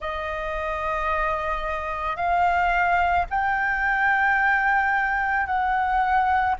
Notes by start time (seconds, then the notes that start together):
0.00 D#5
2.16 F5
3.30 G5
5.46 F#5